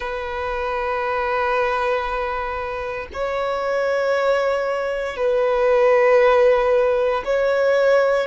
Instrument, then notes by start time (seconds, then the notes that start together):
violin
0.00 B4
3.13 C#5
5.16 B4
7.24 C#5